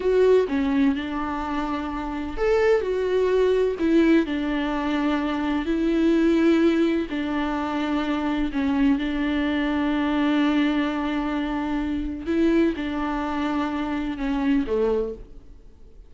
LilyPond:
\new Staff \with { instrumentName = "viola" } { \time 4/4 \tempo 4 = 127 fis'4 cis'4 d'2~ | d'4 a'4 fis'2 | e'4 d'2. | e'2. d'4~ |
d'2 cis'4 d'4~ | d'1~ | d'2 e'4 d'4~ | d'2 cis'4 a4 | }